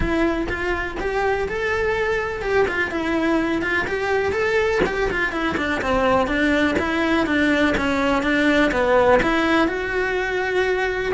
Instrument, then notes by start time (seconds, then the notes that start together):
cello
0.00 E4
0.48 F4
1.00 G4
1.48 A4
2.41 G4
2.67 F4
2.91 E4
3.62 F4
3.87 G4
4.32 A4
4.86 G4
5.10 F4
5.32 E4
5.57 D4
5.81 C4
6.27 D4
6.78 E4
7.26 D4
7.77 C#4
8.22 D4
8.71 B3
9.22 E4
9.67 F#4